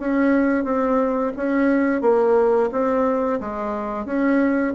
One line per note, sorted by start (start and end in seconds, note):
0.00 0.64 C#4
0.64 1.33 C4
1.37 2.02 C#4
2.02 2.70 A#3
2.72 3.40 C4
3.41 4.06 G#3
4.06 4.74 C#4